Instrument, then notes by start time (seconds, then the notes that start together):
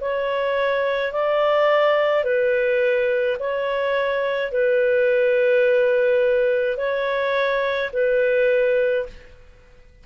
clarinet
0.00 C#5
1.12 D5
2.23 B4
3.39 C#5
4.51 B4
6.77 C#5
7.92 B4